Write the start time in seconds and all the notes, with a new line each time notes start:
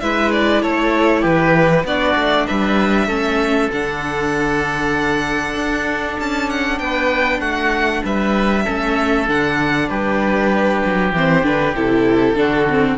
0.00 G#3 E4 B4 E5
0.31 D5
0.62 A3 A4 C#5
1.21 E3 G4 B4
1.84 B3 D4 F#4 D5
2.15 A3
2.46 G3 B4 E5
3.07 A3 C#4 A4
3.71 D3 D4 F#5
5.55 D4
6.19 C#4 A5
6.50 F#5
6.78 B3 B4 G5
7.39 A3 F#4 F#5
8.04 G3 B4 E5
8.64 A3 C#4 A4
9.27 D3 D4 F#5
9.89 G3 G4 B4
10.85 F#3
11.12 E3 C4 C5
11.43 D3 D4 B4
11.75 C3 E4 A4
12.34 D3 D4 F#4
12.70 C4